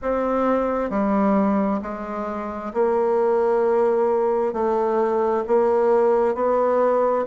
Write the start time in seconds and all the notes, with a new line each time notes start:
0.02 C4
0.90 G3
1.81 G#3
2.73 A#3
4.53 A3
5.47 A#3
6.34 B3